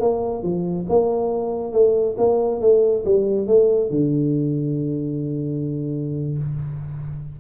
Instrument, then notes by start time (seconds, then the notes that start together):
tuba
0.00 A#3
0.43 F3
0.89 A#3
1.73 A3
2.18 A#3
2.61 A3
3.05 G3
3.47 A3
3.90 D3